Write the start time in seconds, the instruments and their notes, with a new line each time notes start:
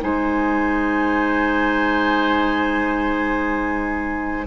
0.00 bassoon G#3, clarinet D#4, oboe C5, flute G#5